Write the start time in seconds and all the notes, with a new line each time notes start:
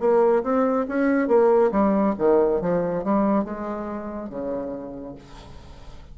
0.00 A#3
0.43 C4
0.88 C#4
1.28 A#3
1.72 G3
2.19 D#3
2.61 F3
3.04 G3
3.44 G#3
4.30 C#3